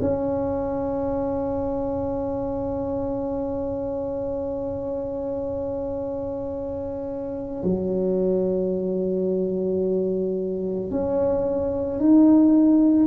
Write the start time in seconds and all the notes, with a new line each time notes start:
0.00 C#4
7.63 F#3
10.90 C#4
11.99 D#4